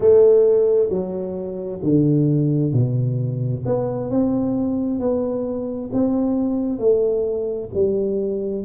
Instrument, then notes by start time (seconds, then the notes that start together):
tuba
0.00 A3
0.88 F#3
1.82 D3
2.73 B2
3.65 B3
4.10 C4
4.99 B3
5.92 C4
6.79 A3
7.74 G3